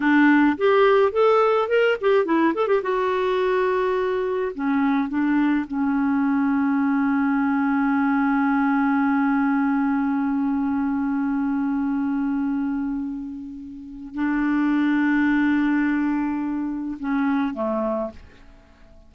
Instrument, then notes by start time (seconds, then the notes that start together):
clarinet
0.00 D4
0.57 G4
1.12 A4
1.68 A#4
2.00 G4
2.25 E4
2.54 A4
2.67 G4
2.82 F#4
4.54 C#4
5.08 D4
5.67 C#4
14.14 D4
16.99 C#4
17.53 A3